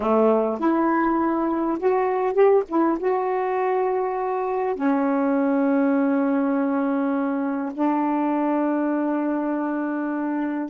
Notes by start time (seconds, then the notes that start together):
0.00 A3
0.59 E4
1.79 F#4
2.33 G4
2.68 E4
2.99 F#4
4.75 C#4
7.74 D4